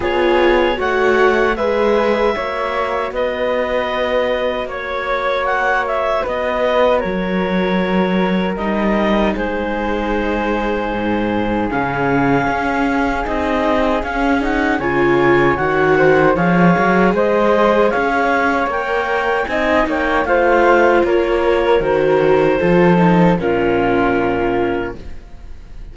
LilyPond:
<<
  \new Staff \with { instrumentName = "clarinet" } { \time 4/4 \tempo 4 = 77 cis''4 fis''4 e''2 | dis''2 cis''4 fis''8 e''8 | dis''4 cis''2 dis''4 | c''2. f''4~ |
f''4 dis''4 f''8 fis''8 gis''4 | fis''4 f''4 dis''4 f''4 | g''4 gis''8 g''8 f''4 cis''4 | c''2 ais'2 | }
  \new Staff \with { instrumentName = "flute" } { \time 4/4 gis'4 cis''4 b'4 cis''4 | b'2 cis''2 | b'4 ais'2. | gis'1~ |
gis'2. cis''4~ | cis''8 c''8 cis''4 c''4 cis''4~ | cis''4 dis''8 cis''8 c''4 ais'4~ | ais'4 a'4 f'2 | }
  \new Staff \with { instrumentName = "viola" } { \time 4/4 f'4 fis'4 gis'4 fis'4~ | fis'1~ | fis'2. dis'4~ | dis'2. cis'4~ |
cis'4 dis'4 cis'8 dis'8 f'4 | fis'4 gis'2. | ais'4 dis'4 f'2 | fis'4 f'8 dis'8 cis'2 | }
  \new Staff \with { instrumentName = "cello" } { \time 4/4 b4 a4 gis4 ais4 | b2 ais2 | b4 fis2 g4 | gis2 gis,4 cis4 |
cis'4 c'4 cis'4 cis4 | dis4 f8 fis8 gis4 cis'4 | ais4 c'8 ais8 a4 ais4 | dis4 f4 ais,2 | }
>>